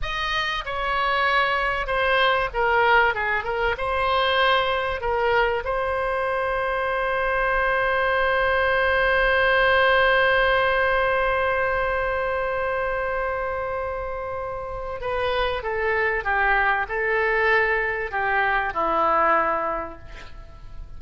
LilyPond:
\new Staff \with { instrumentName = "oboe" } { \time 4/4 \tempo 4 = 96 dis''4 cis''2 c''4 | ais'4 gis'8 ais'8 c''2 | ais'4 c''2.~ | c''1~ |
c''1~ | c''1 | b'4 a'4 g'4 a'4~ | a'4 g'4 e'2 | }